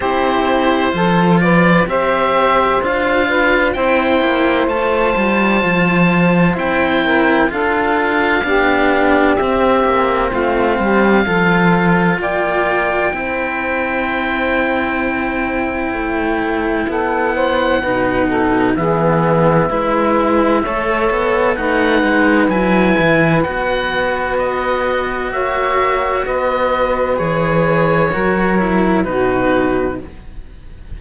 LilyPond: <<
  \new Staff \with { instrumentName = "oboe" } { \time 4/4 \tempo 4 = 64 c''4. d''8 e''4 f''4 | g''4 a''2 g''4 | f''2 e''4 f''4~ | f''4 g''2.~ |
g''2 fis''2 | e''2. fis''4 | gis''4 fis''4 dis''4 e''4 | dis''4 cis''2 b'4 | }
  \new Staff \with { instrumentName = "saxophone" } { \time 4/4 g'4 a'8 b'8 c''4. b'8 | c''2.~ c''8 ais'8 | a'4 g'2 f'8 g'8 | a'4 d''4 c''2~ |
c''2 a'8 c''8 b'8 a'8 | gis'4 b'4 cis''4 b'4~ | b'2. cis''4 | b'2 ais'4 fis'4 | }
  \new Staff \with { instrumentName = "cello" } { \time 4/4 e'4 f'4 g'4 f'4 | e'4 f'2 e'4 | f'4 d'4 c'2 | f'2 e'2~ |
e'2. dis'4 | b4 e'4 a'4 dis'4 | e'4 fis'2.~ | fis'4 gis'4 fis'8 e'8 dis'4 | }
  \new Staff \with { instrumentName = "cello" } { \time 4/4 c'4 f4 c'4 d'4 | c'8 ais8 a8 g8 f4 c'4 | d'4 b4 c'8 ais8 a8 g8 | f4 ais4 c'2~ |
c'4 a4 b4 b,4 | e4 gis4 a8 b8 a8 gis8 | fis8 e8 b2 ais4 | b4 e4 fis4 b,4 | }
>>